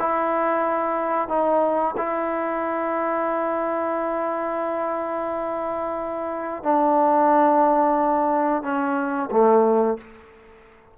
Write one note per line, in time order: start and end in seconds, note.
0.00 1.29 E4
1.29 1.95 D#4
1.98 6.64 E4
6.64 8.63 D4
8.63 9.30 C#4
9.31 9.98 A3